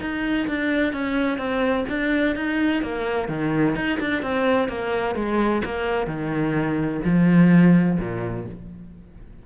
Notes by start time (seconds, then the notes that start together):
0.00 D#4
0.47 D4
0.92 C#4
1.38 C4
1.89 D4
2.35 D#4
2.82 A#3
3.28 D#3
3.75 D#4
4.00 D4
4.22 C4
4.68 A#3
5.15 G#3
5.64 A#3
6.06 D#3
7.04 F3
7.99 A#2